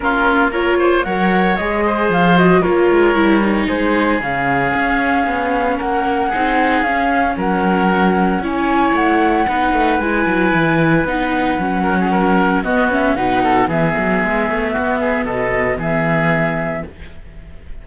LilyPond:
<<
  \new Staff \with { instrumentName = "flute" } { \time 4/4 \tempo 4 = 114 ais'4 cis''4 fis''4 dis''4 | f''8 dis''8 cis''2 c''4 | f''2. fis''4~ | fis''4 f''4 fis''2 |
gis''4 fis''2 gis''4~ | gis''4 fis''2. | dis''8 e''8 fis''4 e''2~ | e''4 dis''4 e''2 | }
  \new Staff \with { instrumentName = "oboe" } { \time 4/4 f'4 ais'8 c''8 cis''4. c''8~ | c''4 ais'2 gis'4~ | gis'2. ais'4 | gis'2 ais'2 |
cis''2 b'2~ | b'2~ b'8 ais'16 gis'16 ais'4 | fis'4 b'8 a'8 gis'2 | fis'8 gis'8 a'4 gis'2 | }
  \new Staff \with { instrumentName = "viola" } { \time 4/4 cis'4 f'4 ais'4 gis'4~ | gis'8 fis'8 f'4 e'8 dis'4. | cis'1 | dis'4 cis'2. |
e'2 dis'4 e'4~ | e'4 dis'4 cis'2 | b8 cis'8 dis'4 b2~ | b1 | }
  \new Staff \with { instrumentName = "cello" } { \time 4/4 ais2 fis4 gis4 | f4 ais8 gis8 g4 gis4 | cis4 cis'4 b4 ais4 | c'4 cis'4 fis2 |
cis'4 a4 b8 a8 gis8 fis8 | e4 b4 fis2 | b4 b,4 e8 fis8 gis8 a8 | b4 b,4 e2 | }
>>